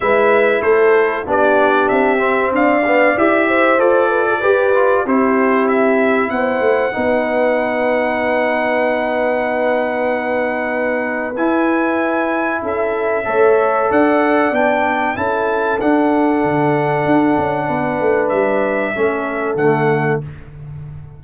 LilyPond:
<<
  \new Staff \with { instrumentName = "trumpet" } { \time 4/4 \tempo 4 = 95 e''4 c''4 d''4 e''4 | f''4 e''4 d''2 | c''4 e''4 fis''2~ | fis''1~ |
fis''2 gis''2 | e''2 fis''4 g''4 | a''4 fis''2.~ | fis''4 e''2 fis''4 | }
  \new Staff \with { instrumentName = "horn" } { \time 4/4 b'4 a'4 g'2 | d''4. c''4 b'16 a'16 b'4 | g'2 c''4 b'4~ | b'1~ |
b'1 | a'4 cis''4 d''2 | a'1 | b'2 a'2 | }
  \new Staff \with { instrumentName = "trombone" } { \time 4/4 e'2 d'4. c'8~ | c'8 b8 g'4 a'4 g'8 f'8 | e'2. dis'4~ | dis'1~ |
dis'2 e'2~ | e'4 a'2 d'4 | e'4 d'2.~ | d'2 cis'4 a4 | }
  \new Staff \with { instrumentName = "tuba" } { \time 4/4 gis4 a4 b4 c'4 | d'4 e'4 f'4 g'4 | c'2 b8 a8 b4~ | b1~ |
b2 e'2 | cis'4 a4 d'4 b4 | cis'4 d'4 d4 d'8 cis'8 | b8 a8 g4 a4 d4 | }
>>